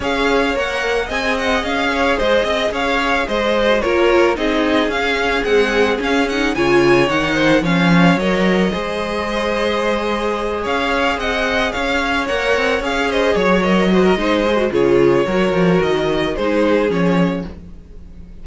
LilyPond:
<<
  \new Staff \with { instrumentName = "violin" } { \time 4/4 \tempo 4 = 110 f''4 fis''4 gis''8 fis''8 f''4 | dis''4 f''4 dis''4 cis''4 | dis''4 f''4 fis''4 f''8 fis''8 | gis''4 fis''4 f''4 dis''4~ |
dis''2.~ dis''8 f''8~ | f''8 fis''4 f''4 fis''4 f''8 | dis''8 cis''8 dis''2 cis''4~ | cis''4 dis''4 c''4 cis''4 | }
  \new Staff \with { instrumentName = "violin" } { \time 4/4 cis''2 dis''4. cis''8 | c''8 dis''8 cis''4 c''4 ais'4 | gis'1 | cis''4. c''8 cis''2 |
c''2.~ c''8 cis''8~ | cis''8 dis''4 cis''2~ cis''8 | c''8 cis''4 c''16 ais'16 c''4 gis'4 | ais'2 gis'2 | }
  \new Staff \with { instrumentName = "viola" } { \time 4/4 gis'4 ais'4 gis'2~ | gis'2~ gis'8. fis'16 f'4 | dis'4 cis'4 gis4 cis'8 dis'8 | f'4 dis'4 cis'4 ais'4 |
gis'1~ | gis'2~ gis'8 ais'4 gis'8~ | gis'4 ais'8 fis'8 dis'8 gis'16 fis'16 f'4 | fis'2 dis'4 cis'4 | }
  \new Staff \with { instrumentName = "cello" } { \time 4/4 cis'4 ais4 c'4 cis'4 | gis8 c'8 cis'4 gis4 ais4 | c'4 cis'4 c'4 cis'4 | cis4 dis4 f4 fis4 |
gis2.~ gis8 cis'8~ | cis'8 c'4 cis'4 ais8 c'8 cis'8~ | cis'8 fis4. gis4 cis4 | fis8 f8 dis4 gis4 f4 | }
>>